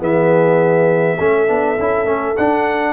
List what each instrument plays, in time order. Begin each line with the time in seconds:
0.00 tuba E3, trombone B3, horn G#4, trumpet E5
1.19 tuba A3, trombone C#4, horn A4
1.47 tuba B3, trombone D4
1.79 tuba C#4, trombone E4
2.05 tuba A3, trombone C#4
2.37 tuba D4, trombone D4, trumpet F#5